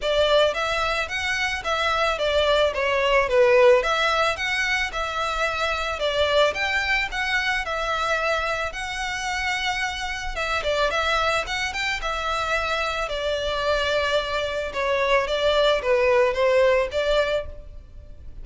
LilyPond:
\new Staff \with { instrumentName = "violin" } { \time 4/4 \tempo 4 = 110 d''4 e''4 fis''4 e''4 | d''4 cis''4 b'4 e''4 | fis''4 e''2 d''4 | g''4 fis''4 e''2 |
fis''2. e''8 d''8 | e''4 fis''8 g''8 e''2 | d''2. cis''4 | d''4 b'4 c''4 d''4 | }